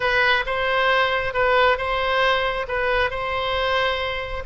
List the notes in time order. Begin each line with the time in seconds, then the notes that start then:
0.00 B4
0.46 C5
1.33 B4
1.77 C5
2.67 B4
3.10 C5